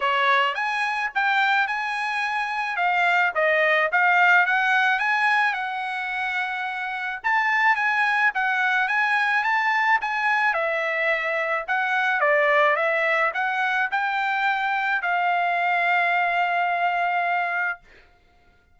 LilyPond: \new Staff \with { instrumentName = "trumpet" } { \time 4/4 \tempo 4 = 108 cis''4 gis''4 g''4 gis''4~ | gis''4 f''4 dis''4 f''4 | fis''4 gis''4 fis''2~ | fis''4 a''4 gis''4 fis''4 |
gis''4 a''4 gis''4 e''4~ | e''4 fis''4 d''4 e''4 | fis''4 g''2 f''4~ | f''1 | }